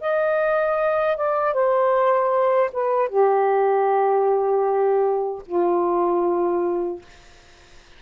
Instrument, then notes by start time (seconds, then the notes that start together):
saxophone
0.00 D#5
1.16 D5
1.53 C5
2.72 B4
3.09 G4
5.46 F4